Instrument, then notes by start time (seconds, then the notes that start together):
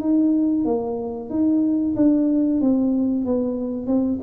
tuba
0.00 D#4
0.65 A#3
1.30 D#4
1.96 D4
2.61 C4
3.25 B3
3.87 C4